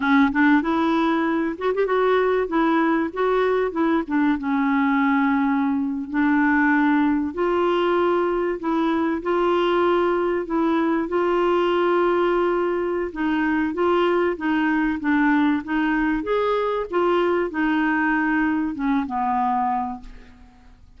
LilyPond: \new Staff \with { instrumentName = "clarinet" } { \time 4/4 \tempo 4 = 96 cis'8 d'8 e'4. fis'16 g'16 fis'4 | e'4 fis'4 e'8 d'8 cis'4~ | cis'4.~ cis'16 d'2 f'16~ | f'4.~ f'16 e'4 f'4~ f'16~ |
f'8. e'4 f'2~ f'16~ | f'4 dis'4 f'4 dis'4 | d'4 dis'4 gis'4 f'4 | dis'2 cis'8 b4. | }